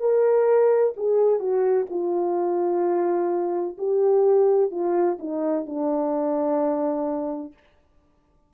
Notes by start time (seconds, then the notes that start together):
0.00 A#4
0.97 G#4
1.40 F#4
1.90 F4
3.78 G4
4.71 F4
5.19 D#4
5.66 D4